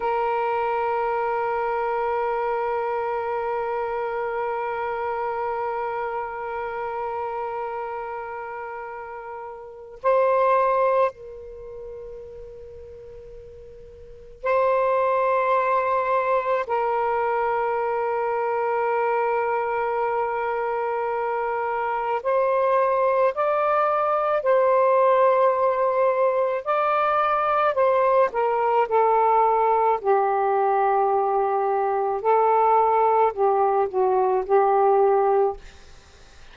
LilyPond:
\new Staff \with { instrumentName = "saxophone" } { \time 4/4 \tempo 4 = 54 ais'1~ | ais'1~ | ais'4 c''4 ais'2~ | ais'4 c''2 ais'4~ |
ais'1 | c''4 d''4 c''2 | d''4 c''8 ais'8 a'4 g'4~ | g'4 a'4 g'8 fis'8 g'4 | }